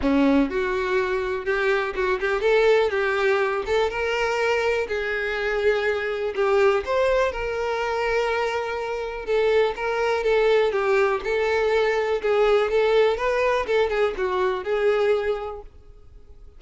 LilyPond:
\new Staff \with { instrumentName = "violin" } { \time 4/4 \tempo 4 = 123 cis'4 fis'2 g'4 | fis'8 g'8 a'4 g'4. a'8 | ais'2 gis'2~ | gis'4 g'4 c''4 ais'4~ |
ais'2. a'4 | ais'4 a'4 g'4 a'4~ | a'4 gis'4 a'4 b'4 | a'8 gis'8 fis'4 gis'2 | }